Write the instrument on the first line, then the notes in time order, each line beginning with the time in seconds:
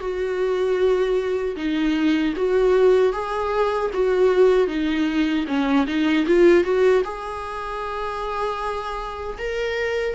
viola
0.00 F#4
1.56 D#4
2.36 F#4
3.12 G#4
3.94 F#4
4.68 D#4
5.48 C#4
5.87 D#4
6.27 F4
6.64 F#4
7.04 G#4
9.38 A#4